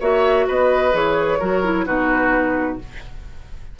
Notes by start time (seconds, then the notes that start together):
0.00 A#3 F#4 C#5 E5
0.48 B3 B4 D#5
0.92 E3 G#4 C#5
1.39 F#3 F#4 A#4
1.64 E4
1.86 B2 D#4 F#4 B4